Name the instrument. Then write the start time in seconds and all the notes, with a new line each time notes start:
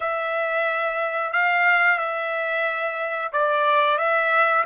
trumpet
0.00 E5
1.32 F5
1.98 E5
3.32 D5
3.98 E5